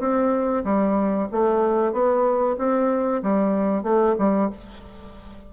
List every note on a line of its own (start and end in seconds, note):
0.00 0.64 C4
0.64 1.28 G3
1.32 1.93 A3
1.93 2.57 B3
2.59 3.22 C4
3.23 3.83 G3
3.83 4.15 A3
4.19 4.51 G3